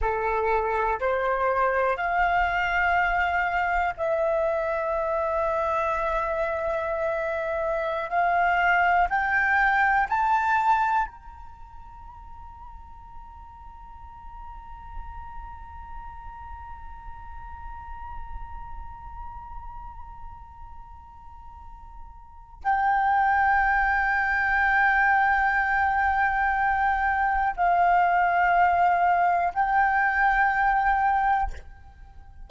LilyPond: \new Staff \with { instrumentName = "flute" } { \time 4/4 \tempo 4 = 61 a'4 c''4 f''2 | e''1~ | e''16 f''4 g''4 a''4 ais''8.~ | ais''1~ |
ais''1~ | ais''2. g''4~ | g''1 | f''2 g''2 | }